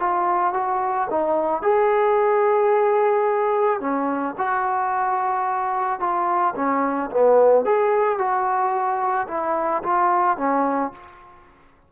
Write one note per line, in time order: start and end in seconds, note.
0.00 0.54 F4
0.54 1.08 F#4
1.10 1.63 D#4
1.63 3.81 G#4
3.81 4.35 C#4
4.38 6.00 F#4
6.00 6.55 F4
6.56 7.10 C#4
7.11 7.65 B3
7.65 8.18 G#4
8.18 9.28 F#4
9.28 9.83 E4
9.84 10.38 F4
10.38 10.92 C#4